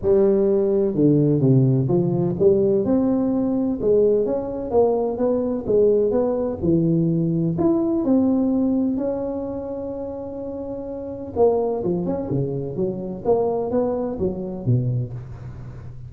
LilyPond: \new Staff \with { instrumentName = "tuba" } { \time 4/4 \tempo 4 = 127 g2 d4 c4 | f4 g4 c'2 | gis4 cis'4 ais4 b4 | gis4 b4 e2 |
e'4 c'2 cis'4~ | cis'1 | ais4 f8 cis'8 cis4 fis4 | ais4 b4 fis4 b,4 | }